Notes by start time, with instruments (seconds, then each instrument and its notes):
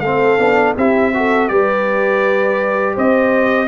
0.00 tuba A3, trombone C4, horn A4, trumpet F5
0.39 tuba B3, trombone D4
0.76 tuba C4, trombone E4, horn G4, trumpet E5
1.14 trombone F#4, horn A4
1.48 tuba G3, trombone G4, horn B4, trumpet D5
2.95 tuba C4, horn C5, trumpet D#5